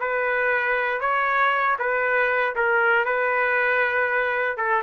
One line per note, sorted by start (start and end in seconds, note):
0.00 1.01 B4
1.01 1.77 C#5
1.79 2.55 B4
2.56 3.05 A#4
3.05 4.57 B4
4.57 4.83 A4